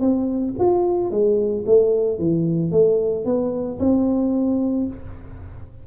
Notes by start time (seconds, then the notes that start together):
0.00 C4
0.59 F4
1.11 G#3
1.66 A3
2.18 E3
2.71 A3
3.25 B3
3.79 C4